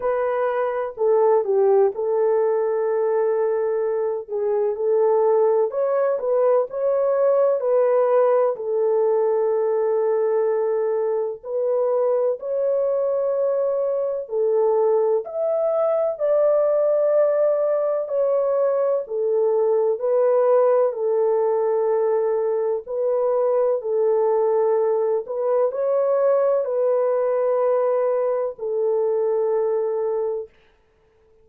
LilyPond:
\new Staff \with { instrumentName = "horn" } { \time 4/4 \tempo 4 = 63 b'4 a'8 g'8 a'2~ | a'8 gis'8 a'4 cis''8 b'8 cis''4 | b'4 a'2. | b'4 cis''2 a'4 |
e''4 d''2 cis''4 | a'4 b'4 a'2 | b'4 a'4. b'8 cis''4 | b'2 a'2 | }